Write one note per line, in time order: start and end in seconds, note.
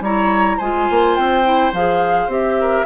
0.00 0.57 G3
0.00 0.60 E4
0.00 0.57 C#5
0.00 0.59 A#5
0.57 0.88 G#3
0.57 1.43 F4
0.57 2.55 C5
0.57 1.15 G#5
0.90 1.17 A#3
1.15 1.72 C4
1.15 1.72 G5
1.43 1.72 E4
1.72 2.27 F3
1.72 2.29 G#4
1.72 2.30 F5
2.27 2.84 C4
2.27 2.85 G4
2.27 2.85 E5
2.60 2.85 A#4